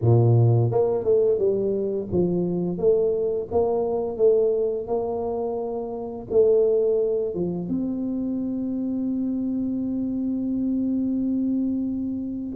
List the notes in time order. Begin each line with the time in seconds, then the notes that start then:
0.01 A#2
0.71 A#3
1.04 A3
1.38 G3
2.12 F3
2.78 A3
3.51 A#3
4.17 A3
4.87 A#3
6.30 A3
7.34 F3
7.68 C4